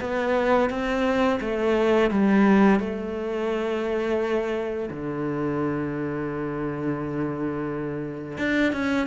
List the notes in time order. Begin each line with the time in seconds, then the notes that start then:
0.00 B3
0.69 C4
1.40 A3
2.10 G3
2.80 A3
4.90 D3
8.38 D4
8.72 C#4